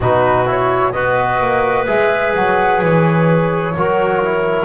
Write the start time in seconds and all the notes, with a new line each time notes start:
0.00 B2 D#4 F#4 B4
0.46 E4 C#5
0.91 B3 F#4 B4 D#5
1.40 A#3
1.86 G#3 G#4 E5
2.35 F#3 F#5
2.81 E3 C#5
3.75 F#3 F#4 A#4
4.23 E4